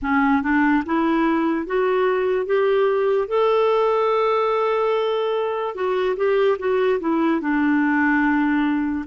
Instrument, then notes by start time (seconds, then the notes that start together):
clarinet
0.02 C#4
0.42 D4
0.85 E4
1.66 F#4
2.45 G4
3.28 A4
5.75 F#4
6.16 G4
6.58 F#4
7.00 E4
7.40 D4